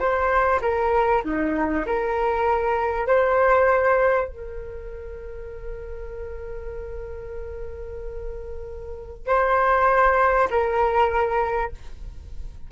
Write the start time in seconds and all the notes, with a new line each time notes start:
0.00 C5
0.62 A#4
1.25 D#4
1.86 A#4
3.07 C5
4.29 A#4
9.28 C5
10.51 A#4